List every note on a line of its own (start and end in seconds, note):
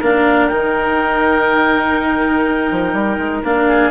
0.00 0.49 A#3
0.00 0.50 D4
0.00 3.66 A#4
0.00 0.47 F5
0.47 2.69 D#3
0.47 3.43 D#4
0.47 3.39 G5
2.71 2.93 F3
2.93 3.17 G3
3.17 3.42 G#3
3.43 3.90 A#3
3.43 3.90 D4
3.43 3.90 F5
3.68 3.90 G#4